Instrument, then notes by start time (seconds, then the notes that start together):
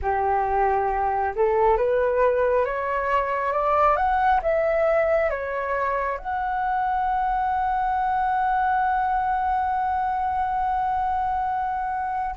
flute
0.02 G4
1.35 A4
1.77 B4
2.65 C#5
3.52 D5
3.96 F#5
4.42 E5
5.30 C#5
6.18 F#5